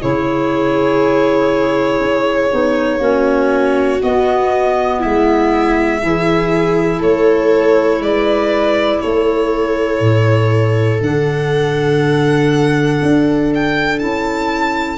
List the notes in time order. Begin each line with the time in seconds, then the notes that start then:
0.00 C#3 E4 G#4 C#5
2.00 C#4
2.50 B3 D#4
2.99 A#3 C#4 F#4
4.00 B3 D#5
4.99 G#3 E4 E5
6.01 E3 E4 G#4
6.99 A3 A4 C#5
7.99 G#3 B4 D5
9.01 A3 A4 C#5
10.00 A2
11.01 D3 D4 F#5
13.02 D4
13.54 G5
13.99 C#4 E4 A5